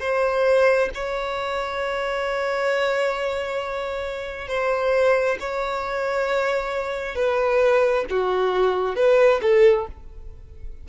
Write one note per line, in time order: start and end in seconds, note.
0.00 0.90 C5
0.94 4.49 C#5
4.49 5.38 C5
5.40 7.15 C#5
7.15 8.05 B4
8.10 8.96 F#4
8.96 9.41 B4
9.42 9.87 A4